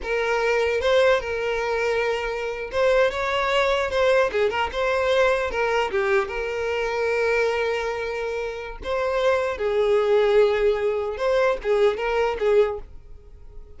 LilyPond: \new Staff \with { instrumentName = "violin" } { \time 4/4 \tempo 4 = 150 ais'2 c''4 ais'4~ | ais'2~ ais'8. c''4 cis''16~ | cis''4.~ cis''16 c''4 gis'8 ais'8 c''16~ | c''4.~ c''16 ais'4 g'4 ais'16~ |
ais'1~ | ais'2 c''2 | gis'1 | c''4 gis'4 ais'4 gis'4 | }